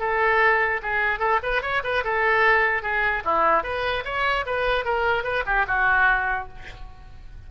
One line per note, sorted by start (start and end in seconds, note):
0.00 0.81 A4
0.83 1.19 G#4
1.19 1.40 A4
1.43 1.62 B4
1.62 1.83 C#5
1.84 2.04 B4
2.04 2.83 A4
2.83 3.23 G#4
3.25 3.63 E4
3.63 4.04 B4
4.05 4.46 C#5
4.46 4.85 B4
4.85 5.24 A#4
5.24 5.44 B4
5.46 5.66 G4
5.68 6.49 F#4